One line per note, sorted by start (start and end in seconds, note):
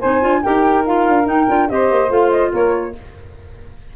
0.00 0.23 C4
0.00 0.21 D#4
0.00 0.42 C5
0.00 0.43 G#5
0.21 0.44 D4
0.21 0.42 F4
0.43 1.09 D#4
0.43 0.85 G4
0.43 1.70 A#4
0.43 0.85 G5
0.86 1.24 F4
0.86 1.28 F5
1.09 1.26 D4
1.24 1.45 D#4
1.24 1.47 D#4
1.24 1.70 G5
1.48 1.70 D4
1.48 1.69 F4
1.69 1.91 C4
1.69 2.09 G4
1.69 2.52 C5
1.69 2.12 D#5
1.91 2.10 A#3
2.09 2.52 A3
2.09 2.93 F4
2.09 2.31 F5
2.31 2.52 D#5
2.52 2.95 A#3
2.52 2.94 A#4
2.52 2.96 C#5